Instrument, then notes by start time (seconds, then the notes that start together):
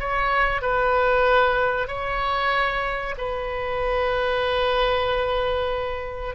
oboe
0.00 C#5
0.62 B4
1.88 C#5
3.18 B4